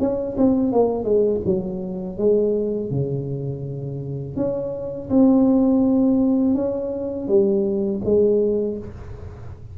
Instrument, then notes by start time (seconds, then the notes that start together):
tuba
0.00 C#4
0.37 C4
0.72 A#3
1.04 G#3
1.46 F#3
2.18 G#3
2.91 C#3
4.36 C#4
5.10 C4
6.55 C#4
7.28 G3
8.05 G#3